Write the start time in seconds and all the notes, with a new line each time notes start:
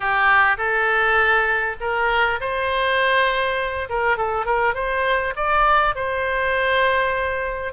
0.00 G4
0.57 A4
1.80 A#4
2.40 C5
3.89 A#4
4.17 A4
4.45 A#4
4.74 C5
5.36 D5
5.95 C5